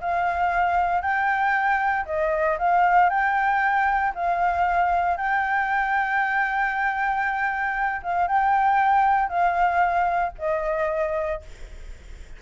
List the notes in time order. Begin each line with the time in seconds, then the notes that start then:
0.00 F5
1.01 G5
2.05 D#5
2.58 F5
3.09 G5
4.14 F5
5.17 G5
8.02 F5
8.27 G5
9.28 F5
10.38 D#5